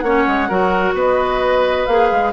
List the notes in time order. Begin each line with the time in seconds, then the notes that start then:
0.00 A#3 C#4 C#5 F#5
0.27 G#3
0.49 F#3 F#4 A#4
0.94 B3 B4 D#5
1.86 A#3 G#4 F5
2.11 G#3